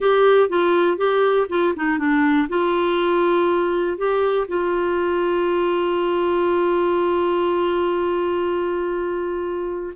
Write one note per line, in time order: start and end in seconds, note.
0.00 0.49 G4
0.49 0.97 F4
0.97 1.47 G4
1.49 1.74 F4
1.75 1.98 D#4
1.98 2.47 D4
2.49 3.97 F4
3.97 4.47 G4
4.48 9.93 F4